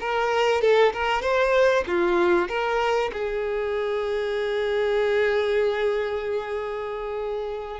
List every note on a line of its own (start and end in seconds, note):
0.00 0.61 A#4
0.61 0.92 A4
0.93 1.21 A#4
1.21 1.84 C5
1.87 2.48 F4
2.48 3.11 A#4
3.12 7.80 G#4